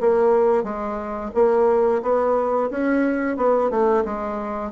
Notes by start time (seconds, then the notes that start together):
0.00 A#3
0.63 G#3
1.34 A#3
2.02 B3
2.70 C#4
3.36 B3
3.70 A3
4.04 G#3